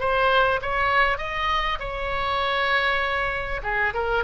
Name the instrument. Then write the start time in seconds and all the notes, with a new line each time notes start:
oboe
0.00 C5
0.62 C#5
1.18 D#5
1.80 C#5
3.63 G#4
3.94 A#4